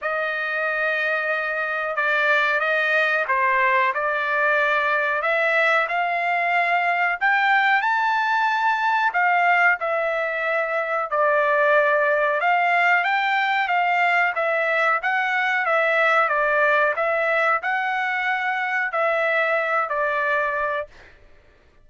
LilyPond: \new Staff \with { instrumentName = "trumpet" } { \time 4/4 \tempo 4 = 92 dis''2. d''4 | dis''4 c''4 d''2 | e''4 f''2 g''4 | a''2 f''4 e''4~ |
e''4 d''2 f''4 | g''4 f''4 e''4 fis''4 | e''4 d''4 e''4 fis''4~ | fis''4 e''4. d''4. | }